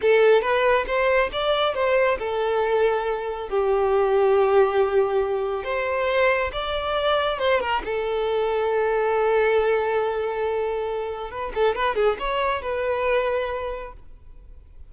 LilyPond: \new Staff \with { instrumentName = "violin" } { \time 4/4 \tempo 4 = 138 a'4 b'4 c''4 d''4 | c''4 a'2. | g'1~ | g'4 c''2 d''4~ |
d''4 c''8 ais'8 a'2~ | a'1~ | a'2 b'8 a'8 b'8 gis'8 | cis''4 b'2. | }